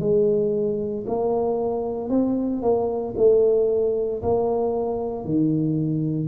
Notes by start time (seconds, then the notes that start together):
0.00 G#3
1.07 A#3
2.10 C4
2.62 A#3
3.17 A3
4.23 A#3
5.25 D#3